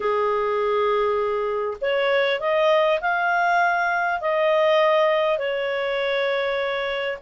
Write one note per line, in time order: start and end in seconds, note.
0.00 1.77 G#4
1.81 2.40 C#5
2.40 3.00 D#5
3.00 4.20 F5
4.20 5.38 D#5
5.38 7.18 C#5